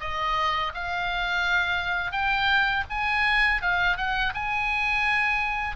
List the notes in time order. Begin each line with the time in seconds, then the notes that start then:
0.00 D#5
0.74 F5
2.11 G5
2.89 G#5
3.61 F5
3.97 F#5
4.34 G#5